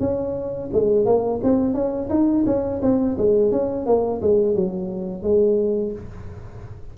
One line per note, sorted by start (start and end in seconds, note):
0.00 0.70 C#4
0.73 1.05 G#3
1.05 1.40 A#3
1.43 1.74 C4
1.74 2.09 C#4
2.10 2.45 D#4
2.46 2.81 C#4
2.82 3.17 C4
3.17 3.52 G#3
3.52 3.86 C#4
3.86 4.21 A#3
4.21 4.55 G#3
4.55 5.23 F#3
5.23 5.92 G#3